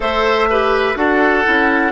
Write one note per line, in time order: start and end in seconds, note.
0.00 0.95 A3
0.00 0.47 A4
0.00 0.49 C5
0.00 0.96 E5
0.49 0.95 G4
0.49 0.98 B4
0.95 1.44 D4
0.95 1.43 F#4
0.95 1.92 A4
0.95 1.92 F#5
1.44 1.92 C#4
1.44 1.92 E4